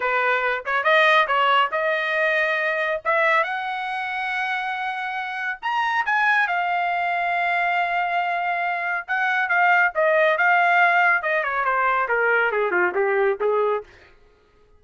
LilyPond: \new Staff \with { instrumentName = "trumpet" } { \time 4/4 \tempo 4 = 139 b'4. cis''8 dis''4 cis''4 | dis''2. e''4 | fis''1~ | fis''4 ais''4 gis''4 f''4~ |
f''1~ | f''4 fis''4 f''4 dis''4 | f''2 dis''8 cis''8 c''4 | ais'4 gis'8 f'8 g'4 gis'4 | }